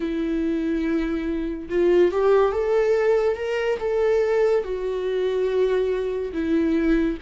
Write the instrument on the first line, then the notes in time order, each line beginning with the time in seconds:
viola
0.00 E4
1.69 F4
2.11 G4
2.51 A4
3.36 A#4
3.79 A4
4.63 F#4
6.32 E4